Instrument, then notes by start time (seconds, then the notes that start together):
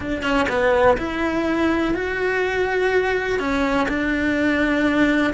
cello
0.00 D4
0.22 C#4
0.48 B3
0.97 E4
1.94 F#4
3.39 C#4
3.88 D4